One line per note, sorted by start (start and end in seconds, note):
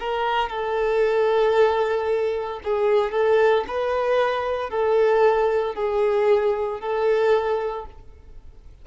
0.00 0.50 A#4
0.50 2.60 A4
2.64 3.12 G#4
3.12 3.65 A4
3.68 4.70 B4
4.70 5.75 A4
5.75 6.80 G#4
6.81 7.86 A4